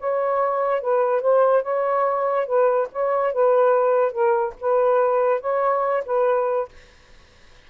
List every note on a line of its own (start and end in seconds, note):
0.00 0.81 C#5
0.81 1.22 B4
1.22 1.63 C5
1.63 2.47 C#5
2.47 2.89 B4
2.93 3.33 C#5
3.33 4.12 B4
4.12 4.54 A#4
4.61 5.41 B4
5.41 6.04 C#5
6.06 6.69 B4